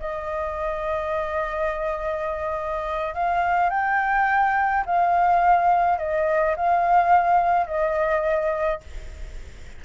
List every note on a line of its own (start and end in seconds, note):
0.00 3.14 D#5
3.15 3.70 F5
3.70 4.84 G5
4.86 5.98 F5
5.98 6.56 D#5
6.56 7.67 F5
7.67 8.81 D#5